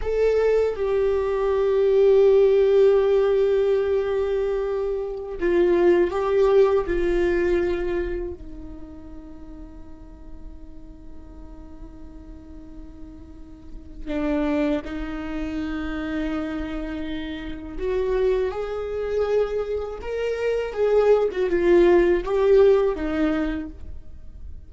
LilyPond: \new Staff \with { instrumentName = "viola" } { \time 4/4 \tempo 4 = 81 a'4 g'2.~ | g'2.~ g'16 f'8.~ | f'16 g'4 f'2 dis'8.~ | dis'1~ |
dis'2. d'4 | dis'1 | fis'4 gis'2 ais'4 | gis'8. fis'16 f'4 g'4 dis'4 | }